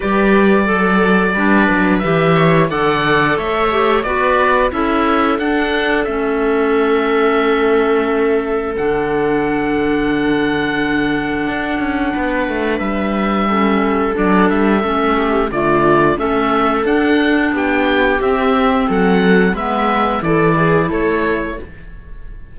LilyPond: <<
  \new Staff \with { instrumentName = "oboe" } { \time 4/4 \tempo 4 = 89 d''2. e''4 | fis''4 e''4 d''4 e''4 | fis''4 e''2.~ | e''4 fis''2.~ |
fis''2. e''4~ | e''4 d''8 e''4. d''4 | e''4 fis''4 g''4 e''4 | fis''4 e''4 d''4 cis''4 | }
  \new Staff \with { instrumentName = "viola" } { \time 4/4 b'4 a'4 b'4. cis''8 | d''4 cis''4 b'4 a'4~ | a'1~ | a'1~ |
a'2 b'2 | a'2~ a'8 g'8 f'4 | a'2 g'2 | a'4 b'4 a'8 gis'8 a'4 | }
  \new Staff \with { instrumentName = "clarinet" } { \time 4/4 g'4 a'4 d'4 g'4 | a'4. g'8 fis'4 e'4 | d'4 cis'2.~ | cis'4 d'2.~ |
d'1 | cis'4 d'4 cis'4 a4 | cis'4 d'2 c'4~ | c'4 b4 e'2 | }
  \new Staff \with { instrumentName = "cello" } { \time 4/4 g4 fis4 g8 fis8 e4 | d4 a4 b4 cis'4 | d'4 a2.~ | a4 d2.~ |
d4 d'8 cis'8 b8 a8 g4~ | g4 fis8 g8 a4 d4 | a4 d'4 b4 c'4 | fis4 gis4 e4 a4 | }
>>